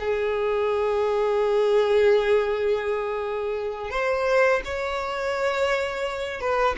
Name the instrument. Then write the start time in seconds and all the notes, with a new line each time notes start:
violin
0.00 G#4
3.91 C5
4.65 C#5
6.41 B4